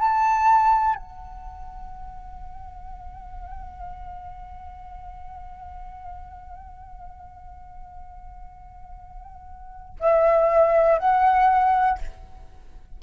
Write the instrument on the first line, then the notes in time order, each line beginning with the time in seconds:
flute
0.00 A5
0.95 F#5
10.00 E5
10.99 F#5